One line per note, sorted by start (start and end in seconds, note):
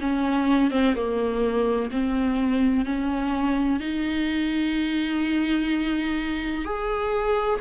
0.00 0.71 C#4
0.71 0.94 C4
0.95 1.90 A#3
1.90 2.85 C4
2.85 3.80 C#4
3.80 6.65 D#4
6.65 7.60 G#4